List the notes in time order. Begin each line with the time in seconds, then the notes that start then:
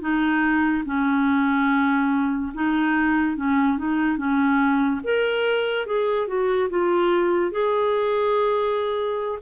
0.00 D#4
0.85 C#4
2.54 D#4
3.36 C#4
3.78 D#4
4.17 C#4
5.04 A#4
5.86 G#4
6.27 F#4
6.70 F4
7.51 G#4